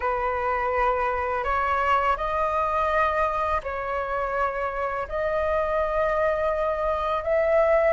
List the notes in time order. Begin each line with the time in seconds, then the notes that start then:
0.00 B4
1.44 C#5
2.17 D#5
3.63 C#5
5.08 D#5
7.23 E5